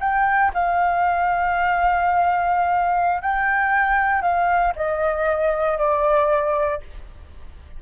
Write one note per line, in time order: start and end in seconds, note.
0.00 0.51 G5
0.54 3.22 F5
3.22 4.22 G5
4.22 4.73 F5
4.76 5.78 D#5
5.78 6.80 D5